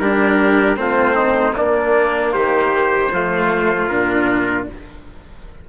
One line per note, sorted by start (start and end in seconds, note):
0.00 0.77 G3
0.00 0.77 D4
0.00 0.79 G4
0.00 0.77 A#4
0.77 1.55 A3
0.77 1.53 C4
0.77 1.16 F4
0.77 1.55 C5
1.16 1.55 D#4
1.53 3.09 A#3
1.53 2.35 A#3
1.53 2.34 D4
1.53 2.33 D5
2.33 3.12 D#3
2.33 3.12 G4
2.33 3.88 C5
3.12 3.90 F3
3.12 3.90 A3
3.12 4.69 F4
3.88 4.69 A#2
3.88 4.68 D4
3.88 4.66 A#4